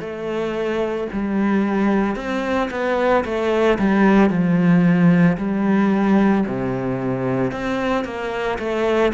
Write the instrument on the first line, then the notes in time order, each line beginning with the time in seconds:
cello
0.00 A3
1.12 G3
2.16 C4
2.70 B3
3.24 A3
3.78 G3
4.30 F3
5.38 G3
6.46 C3
7.51 C4
8.05 A#3
8.59 A3